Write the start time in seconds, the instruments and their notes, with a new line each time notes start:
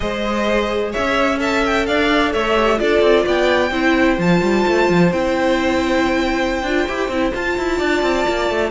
0.00 cello G#3, viola G#4, violin C5 D#5
0.91 violin C#5 E5
0.97 cello C#4
1.38 viola A4, violin E5 A5
1.65 violin G5
1.86 cello D4, violin D5 F5
2.32 cello A3, violin C#5 E5
2.55 viola G4
2.77 cello D4, viola F4, violin A4 D5
3.01 cello C4
3.24 cello B3, violin D5 G5
3.70 cello C4, viola E4, violin C5
4.17 cello F3, viola F4, violin A5
4.42 cello G3
4.67 cello A3
4.89 cello F3
5.12 cello C4, viola E4, violin G5
6.62 cello D4, viola F4
6.87 cello E4, viola G4
7.08 cello C4, viola E4
7.32 viola F4, cello F4, violin A5
7.58 cello E4
7.77 cello D4, violin D5
8.02 cello C4
8.28 cello A#3
8.50 cello A3